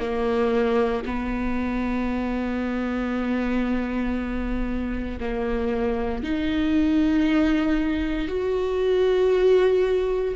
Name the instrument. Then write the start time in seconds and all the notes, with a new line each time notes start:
viola
0.00 A#3
1.06 B3
5.20 A#3
6.24 D#4
8.28 F#4